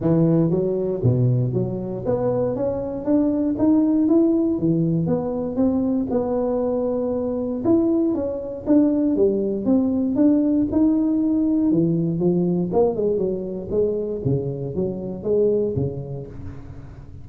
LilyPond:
\new Staff \with { instrumentName = "tuba" } { \time 4/4 \tempo 4 = 118 e4 fis4 b,4 fis4 | b4 cis'4 d'4 dis'4 | e'4 e4 b4 c'4 | b2. e'4 |
cis'4 d'4 g4 c'4 | d'4 dis'2 e4 | f4 ais8 gis8 fis4 gis4 | cis4 fis4 gis4 cis4 | }